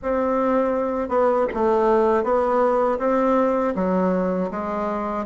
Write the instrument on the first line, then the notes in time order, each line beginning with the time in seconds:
bassoon
0.02 C4
1.08 B3
1.53 A3
2.23 B3
2.98 C4
3.75 F#3
4.50 G#3